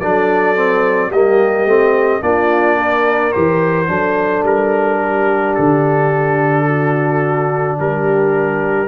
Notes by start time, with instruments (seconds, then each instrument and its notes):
0.00 tuba F#3, trombone D4, horn A4, trumpet D5
0.56 trombone C4
1.11 tuba G3, trombone A#3, horn G4, trumpet D#5
1.65 tuba A3, trombone C4
2.22 tuba A#3, trombone D4, horn F4, trumpet D5
2.78 horn A#4
3.32 tuba E3, trombone G4, trumpet C5
3.87 tuba F#3, trombone D4, horn A4
4.43 tuba G3, trumpet A#4
5.02 horn G4
5.55 tuba D3, trumpet A4
6.67 horn F#4
7.80 tuba G3, horn G4, trumpet A#4